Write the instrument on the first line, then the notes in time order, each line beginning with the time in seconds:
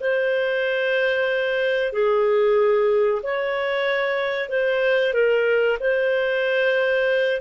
clarinet
0.00 C5
1.92 G#4
3.23 C#5
4.49 C5
5.13 A#4
5.80 C5